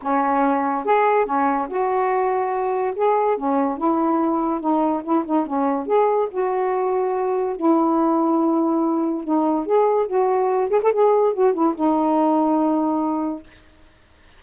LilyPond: \new Staff \with { instrumentName = "saxophone" } { \time 4/4 \tempo 4 = 143 cis'2 gis'4 cis'4 | fis'2. gis'4 | cis'4 e'2 dis'4 | e'8 dis'8 cis'4 gis'4 fis'4~ |
fis'2 e'2~ | e'2 dis'4 gis'4 | fis'4. gis'16 a'16 gis'4 fis'8 e'8 | dis'1 | }